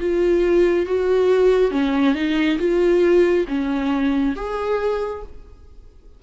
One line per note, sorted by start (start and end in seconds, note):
0.00 0.86 F4
0.86 1.71 F#4
1.71 2.14 C#4
2.14 2.58 D#4
2.58 3.45 F4
3.48 4.35 C#4
4.36 5.23 G#4